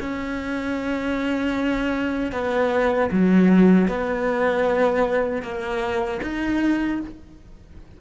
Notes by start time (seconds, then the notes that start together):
0.00 C#4
2.32 B3
3.12 F#3
3.88 B3
5.42 A#3
6.22 D#4